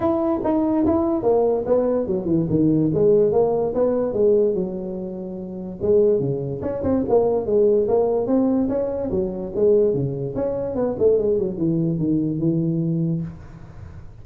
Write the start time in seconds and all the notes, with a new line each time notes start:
0.00 E4
0.44 D#4
0.86 E4
1.22 A#3
1.66 B3
2.06 F#3
2.25 E3
2.49 D#3
2.94 G#3
3.32 A#3
3.74 B3
4.13 G#3
4.54 F#3
5.81 G#3
6.19 C#3
6.62 C#4
6.83 C4
7.08 A#3
7.46 G#3
7.87 A#3
8.26 C4
8.68 C#4
9.11 F#3
9.55 G#3
9.93 C#3
10.35 C#4
10.75 B3
10.98 A3
11.17 G#3
11.38 F#3
11.57 E3
11.98 D#3
12.39 E3